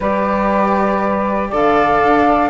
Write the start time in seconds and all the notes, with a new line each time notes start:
0.00 G3 G4 B4 D5
1.49 D3 A4 D5 F5
2.03 D4